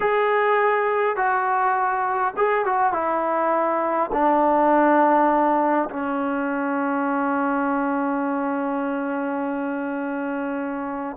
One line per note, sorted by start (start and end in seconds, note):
0.00 1.16 G#4
1.16 2.33 F#4
2.37 2.65 G#4
2.65 2.92 F#4
2.92 4.10 E4
4.12 5.89 D4
5.90 11.16 C#4